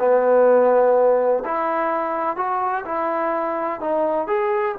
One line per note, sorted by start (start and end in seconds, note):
0.00 1.44 B3
1.45 2.37 E4
2.37 2.85 F#4
2.86 3.81 E4
3.81 4.27 D#4
4.27 4.75 G#4